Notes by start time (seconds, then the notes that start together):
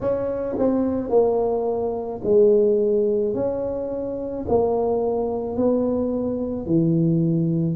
0.01 C#4
0.58 C4
1.09 A#3
2.23 G#3
3.34 C#4
4.48 A#3
5.56 B3
6.66 E3